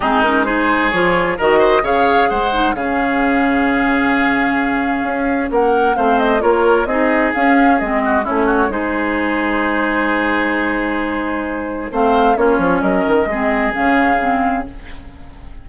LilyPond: <<
  \new Staff \with { instrumentName = "flute" } { \time 4/4 \tempo 4 = 131 gis'8 ais'8 c''4 cis''4 dis''4 | f''4 fis''4 f''2~ | f''1 | fis''4 f''8 dis''8 cis''4 dis''4 |
f''4 dis''4 cis''4 c''4~ | c''1~ | c''2 f''4 cis''4 | dis''2 f''2 | }
  \new Staff \with { instrumentName = "oboe" } { \time 4/4 dis'4 gis'2 ais'8 c''8 | cis''4 c''4 gis'2~ | gis'1 | ais'4 c''4 ais'4 gis'4~ |
gis'4. fis'8 e'8 fis'8 gis'4~ | gis'1~ | gis'2 c''4 f'4 | ais'4 gis'2. | }
  \new Staff \with { instrumentName = "clarinet" } { \time 4/4 c'8 cis'8 dis'4 f'4 fis'4 | gis'4. dis'8 cis'2~ | cis'1~ | cis'4 c'4 f'4 dis'4 |
cis'4 c'4 cis'4 dis'4~ | dis'1~ | dis'2 c'4 cis'4~ | cis'4 c'4 cis'4 c'4 | }
  \new Staff \with { instrumentName = "bassoon" } { \time 4/4 gis2 f4 dis4 | cis4 gis4 cis2~ | cis2. cis'4 | ais4 a4 ais4 c'4 |
cis'4 gis4 a4 gis4~ | gis1~ | gis2 a4 ais8 f8 | fis8 dis8 gis4 cis2 | }
>>